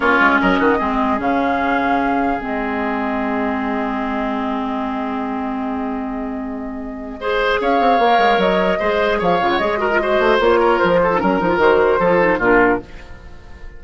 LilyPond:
<<
  \new Staff \with { instrumentName = "flute" } { \time 4/4 \tempo 4 = 150 cis''4 dis''2 f''4~ | f''2 dis''2~ | dis''1~ | dis''1~ |
dis''2. f''4~ | f''4 dis''2 f''8. fis''16 | dis''2 cis''4 c''4 | ais'4 c''2 ais'4 | }
  \new Staff \with { instrumentName = "oboe" } { \time 4/4 f'4 ais'8 fis'8 gis'2~ | gis'1~ | gis'1~ | gis'1~ |
gis'2 c''4 cis''4~ | cis''2 c''4 cis''4~ | cis''8 ais'8 c''4. ais'4 a'8 | ais'2 a'4 f'4 | }
  \new Staff \with { instrumentName = "clarinet" } { \time 4/4 cis'2 c'4 cis'4~ | cis'2 c'2~ | c'1~ | c'1~ |
c'2 gis'2 | ais'2 gis'4. f'8 | gis'8 fis'16 f'16 fis'4 f'4.~ f'16 dis'16 | cis'8 dis'16 f'16 fis'4 f'8 dis'8 d'4 | }
  \new Staff \with { instrumentName = "bassoon" } { \time 4/4 ais8 gis8 fis8 dis8 gis4 cis4~ | cis2 gis2~ | gis1~ | gis1~ |
gis2. cis'8 c'8 | ais8 gis8 fis4 gis4 f8 cis8 | gis4. a8 ais4 f4 | fis8 f8 dis4 f4 ais,4 | }
>>